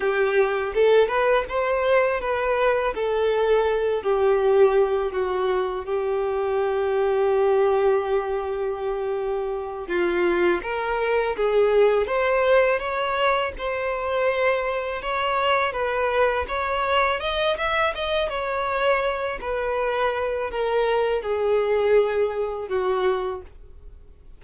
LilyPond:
\new Staff \with { instrumentName = "violin" } { \time 4/4 \tempo 4 = 82 g'4 a'8 b'8 c''4 b'4 | a'4. g'4. fis'4 | g'1~ | g'4. f'4 ais'4 gis'8~ |
gis'8 c''4 cis''4 c''4.~ | c''8 cis''4 b'4 cis''4 dis''8 | e''8 dis''8 cis''4. b'4. | ais'4 gis'2 fis'4 | }